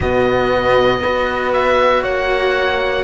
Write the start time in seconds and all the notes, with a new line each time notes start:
0.00 B2 B3 F#4 D#5
1.00 B3 F#4 B4
1.53 E5
2.02 A#3 C#5 F#5